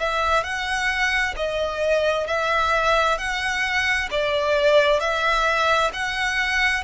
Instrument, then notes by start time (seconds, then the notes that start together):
violin
0.00 E5
0.44 F#5
1.37 D#5
2.27 E5
3.19 F#5
4.11 D5
5.00 E5
5.93 F#5